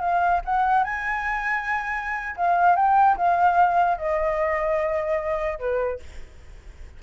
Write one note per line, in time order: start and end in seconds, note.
0.00 0.41 F5
0.45 0.83 F#5
0.83 2.36 G#5
2.36 2.75 F5
2.75 3.16 G5
3.17 3.97 F5
3.97 5.59 D#5
5.59 5.99 B4